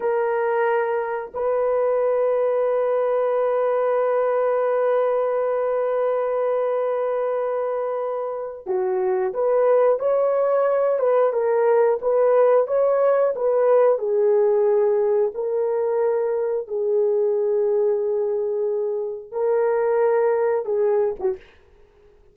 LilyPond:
\new Staff \with { instrumentName = "horn" } { \time 4/4 \tempo 4 = 90 ais'2 b'2~ | b'1~ | b'1~ | b'4 fis'4 b'4 cis''4~ |
cis''8 b'8 ais'4 b'4 cis''4 | b'4 gis'2 ais'4~ | ais'4 gis'2.~ | gis'4 ais'2 gis'8. fis'16 | }